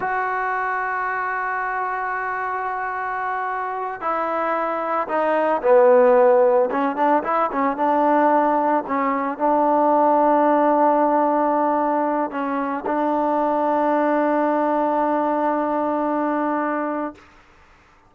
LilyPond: \new Staff \with { instrumentName = "trombone" } { \time 4/4 \tempo 4 = 112 fis'1~ | fis'2.~ fis'8 e'8~ | e'4. dis'4 b4.~ | b8 cis'8 d'8 e'8 cis'8 d'4.~ |
d'8 cis'4 d'2~ d'8~ | d'2. cis'4 | d'1~ | d'1 | }